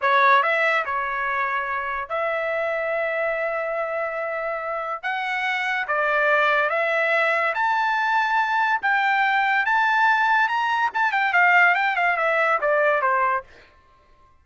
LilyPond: \new Staff \with { instrumentName = "trumpet" } { \time 4/4 \tempo 4 = 143 cis''4 e''4 cis''2~ | cis''4 e''2.~ | e''1 | fis''2 d''2 |
e''2 a''2~ | a''4 g''2 a''4~ | a''4 ais''4 a''8 g''8 f''4 | g''8 f''8 e''4 d''4 c''4 | }